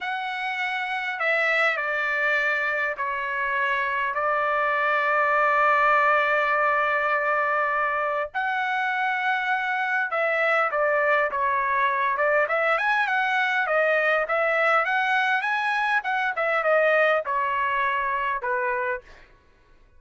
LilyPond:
\new Staff \with { instrumentName = "trumpet" } { \time 4/4 \tempo 4 = 101 fis''2 e''4 d''4~ | d''4 cis''2 d''4~ | d''1~ | d''2 fis''2~ |
fis''4 e''4 d''4 cis''4~ | cis''8 d''8 e''8 gis''8 fis''4 dis''4 | e''4 fis''4 gis''4 fis''8 e''8 | dis''4 cis''2 b'4 | }